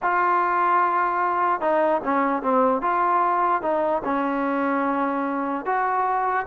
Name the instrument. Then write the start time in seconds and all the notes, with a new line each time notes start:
trombone
0.02 F4
1.61 D#4
2.03 C#4
2.42 C4
2.81 F4
3.62 D#4
4.04 C#4
5.65 F#4